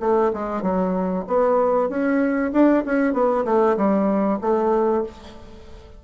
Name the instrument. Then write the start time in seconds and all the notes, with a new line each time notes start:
bassoon
0.00 A3
0.33 G#3
0.62 F#3
1.27 B3
1.89 C#4
2.52 D4
2.86 C#4
3.13 B3
3.45 A3
3.76 G3
4.41 A3